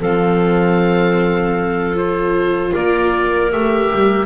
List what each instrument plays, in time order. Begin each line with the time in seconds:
0.00 double bass F3, viola C4, clarinet A4, oboe F5
1.95 viola F4, oboe C5
2.72 double bass A#3, clarinet A#4, oboe D5
3.52 double bass A3, viola G4, oboe E5
3.93 double bass G3